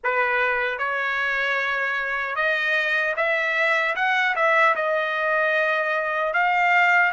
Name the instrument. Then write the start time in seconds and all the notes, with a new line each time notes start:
trumpet
0.03 B4
0.78 C#5
2.35 D#5
3.16 E5
3.95 F#5
4.35 E5
4.75 D#5
6.33 F5